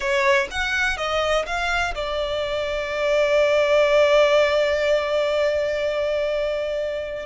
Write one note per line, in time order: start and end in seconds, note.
0.00 0.47 C#5
0.51 0.97 F#5
0.97 1.45 D#5
1.46 1.94 F5
1.95 7.26 D5